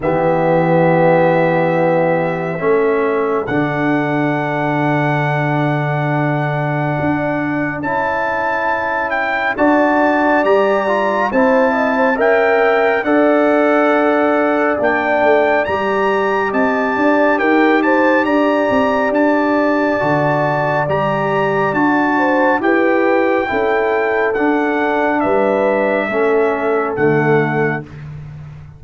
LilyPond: <<
  \new Staff \with { instrumentName = "trumpet" } { \time 4/4 \tempo 4 = 69 e''1 | fis''1~ | fis''4 a''4. g''8 a''4 | ais''4 a''4 g''4 fis''4~ |
fis''4 g''4 ais''4 a''4 | g''8 a''8 ais''4 a''2 | ais''4 a''4 g''2 | fis''4 e''2 fis''4 | }
  \new Staff \with { instrumentName = "horn" } { \time 4/4 g'2. a'4~ | a'1~ | a'2. d''4~ | d''4 c''8 dis''16 c''16 e''4 d''4~ |
d''2. dis''8 d''8 | ais'8 c''8 d''2.~ | d''4. c''8 b'4 a'4~ | a'4 b'4 a'2 | }
  \new Staff \with { instrumentName = "trombone" } { \time 4/4 b2. cis'4 | d'1~ | d'4 e'2 fis'4 | g'8 f'8 e'4 ais'4 a'4~ |
a'4 d'4 g'2~ | g'2. fis'4 | g'4 fis'4 g'4 e'4 | d'2 cis'4 a4 | }
  \new Staff \with { instrumentName = "tuba" } { \time 4/4 e2. a4 | d1 | d'4 cis'2 d'4 | g4 c'4 cis'4 d'4~ |
d'4 ais8 a8 g4 c'8 d'8 | dis'4 d'8 c'8 d'4 d4 | g4 d'4 e'4 cis'4 | d'4 g4 a4 d4 | }
>>